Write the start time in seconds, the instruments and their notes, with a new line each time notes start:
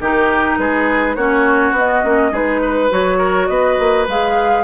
0.00 bassoon D#3, clarinet D#4, oboe G4, flute A#4
0.58 bassoon G#3, oboe G#4, flute B4
1.15 bassoon A#3, clarinet C#4, oboe F#4, flute C#5
1.71 bassoon B3, clarinet B3, flute D#5
2.04 bassoon A#3, clarinet C#4
2.31 bassoon G#3, clarinet D#4, oboe G#4, flute B4
2.62 oboe B4
2.90 bassoon F#3, clarinet F#4, flute C#5
3.18 oboe A#4
3.47 bassoon B3, oboe B4, flute D#5
3.79 bassoon A#3
4.07 bassoon G#3, clarinet G#4, flute F5